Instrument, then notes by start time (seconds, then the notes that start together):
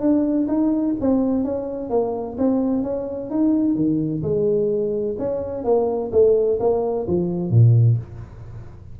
tuba
0.00 D4
0.48 D#4
1.01 C4
1.44 C#4
1.90 A#3
2.38 C4
2.83 C#4
3.30 D#4
3.75 D#3
4.23 G#3
5.18 C#4
5.64 A#3
6.12 A3
6.60 A#3
7.07 F3
7.50 A#2